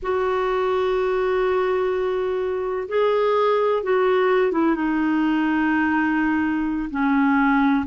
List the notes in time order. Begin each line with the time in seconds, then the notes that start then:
0.02 F#4
2.88 G#4
3.83 F#4
4.52 E4
4.75 D#4
6.90 C#4